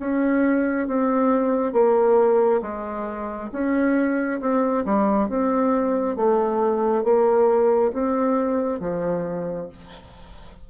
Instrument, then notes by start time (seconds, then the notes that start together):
bassoon
0.00 C#4
0.88 C4
1.73 A#3
2.62 G#3
3.53 C#4
4.41 C4
4.86 G3
5.29 C4
6.17 A3
7.04 A#3
7.93 C4
8.80 F3